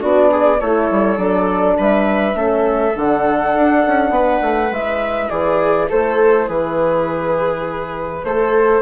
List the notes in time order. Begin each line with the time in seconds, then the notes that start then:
0.00 B3 D4 F#4 D5
0.31 G#4
0.60 A3 E4 A4 C#5
0.91 G3
1.17 F#3 D4 D5
1.78 G3 B4 E5
2.34 A3 C#4 A4
2.96 D3 D4 F#5
3.55 D4
3.87 C#4
4.10 B3 B4
4.42 A3
4.71 G#3 E4 E5
5.30 E3 G#4 D5
5.89 A3 A4 C5
6.47 E3 G#4 B4
8.24 A3 A4 C5